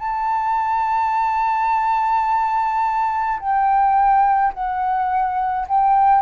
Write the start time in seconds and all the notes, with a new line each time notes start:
0.00 A5
3.40 G5
4.54 F#5
5.68 G5